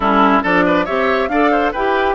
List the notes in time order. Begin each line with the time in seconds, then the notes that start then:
0.00 G3 C#4 E4 A4
0.42 F3 D4 A4 D5
0.66 B4
0.85 C4 G4 C#5 E5
1.28 D4 A4 D5 F5
1.51 C5
1.71 E4 G4 B4 G5